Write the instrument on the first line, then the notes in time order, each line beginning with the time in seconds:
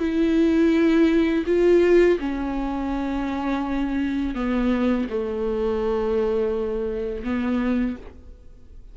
viola
0.00 E4
1.47 F4
2.19 C#4
4.35 B3
5.10 A3
7.24 B3